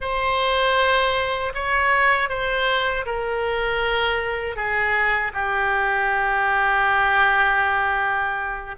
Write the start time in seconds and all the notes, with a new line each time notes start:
0.00 C5
1.54 C#5
2.29 C5
3.05 A#4
4.56 G#4
5.33 G4